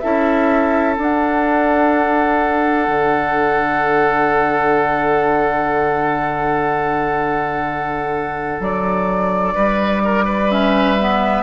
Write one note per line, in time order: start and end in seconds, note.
0.00 0.98 C#4
0.00 0.97 E4
0.00 9.55 A4
0.00 0.95 E5
0.97 10.49 D4
0.97 2.88 D4
0.97 8.63 F#5
2.88 8.60 D3
8.60 9.56 F#3
8.60 10.52 D5
9.55 11.43 G3
9.55 10.03 B4
10.05 10.25 A#4
10.25 11.43 B4
10.50 10.98 C#4
10.50 11.43 E5
11.00 11.43 B3